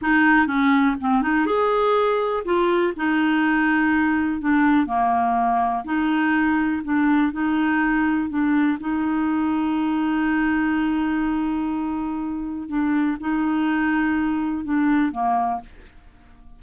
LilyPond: \new Staff \with { instrumentName = "clarinet" } { \time 4/4 \tempo 4 = 123 dis'4 cis'4 c'8 dis'8 gis'4~ | gis'4 f'4 dis'2~ | dis'4 d'4 ais2 | dis'2 d'4 dis'4~ |
dis'4 d'4 dis'2~ | dis'1~ | dis'2 d'4 dis'4~ | dis'2 d'4 ais4 | }